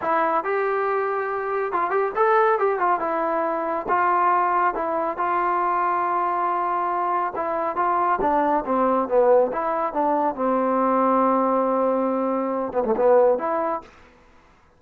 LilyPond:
\new Staff \with { instrumentName = "trombone" } { \time 4/4 \tempo 4 = 139 e'4 g'2. | f'8 g'8 a'4 g'8 f'8 e'4~ | e'4 f'2 e'4 | f'1~ |
f'4 e'4 f'4 d'4 | c'4 b4 e'4 d'4 | c'1~ | c'4. b16 a16 b4 e'4 | }